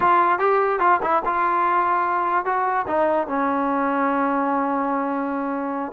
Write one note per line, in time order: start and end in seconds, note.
0.00 0.38 F4
0.38 0.79 G4
0.79 1.00 F4
1.02 1.22 E4
1.25 2.45 F4
2.45 2.86 F#4
2.87 3.27 D#4
3.27 5.92 C#4